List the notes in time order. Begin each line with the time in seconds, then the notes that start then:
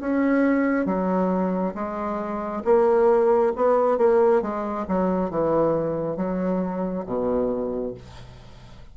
0.00 C#4
0.86 F#3
1.74 G#3
2.64 A#3
3.56 B3
3.98 A#3
4.42 G#3
4.88 F#3
5.30 E3
6.16 F#3
7.06 B2